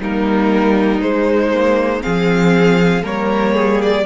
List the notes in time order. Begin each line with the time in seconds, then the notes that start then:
0.00 G3 A#3 D#4 A#4
1.01 G#3 C5
1.54 A#3
2.02 F3 C4 G#4 F5
3.03 G3 A#3 A#4 C#5
3.54 G#4
3.82 D5